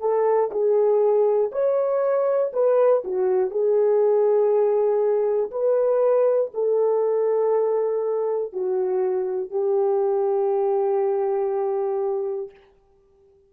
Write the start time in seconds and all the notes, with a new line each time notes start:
0.00 A4
0.51 G#4
1.52 C#5
2.53 B4
3.04 F#4
3.51 G#4
5.51 B4
6.54 A4
8.53 F#4
9.51 G4